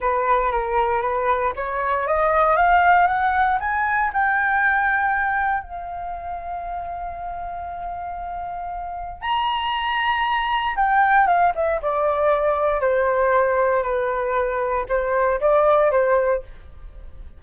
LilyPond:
\new Staff \with { instrumentName = "flute" } { \time 4/4 \tempo 4 = 117 b'4 ais'4 b'4 cis''4 | dis''4 f''4 fis''4 gis''4 | g''2. f''4~ | f''1~ |
f''2 ais''2~ | ais''4 g''4 f''8 e''8 d''4~ | d''4 c''2 b'4~ | b'4 c''4 d''4 c''4 | }